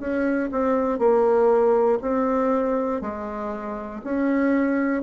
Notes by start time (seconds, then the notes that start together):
0.00 C#4
0.52 C4
0.99 A#3
2.02 C4
3.02 G#3
4.05 C#4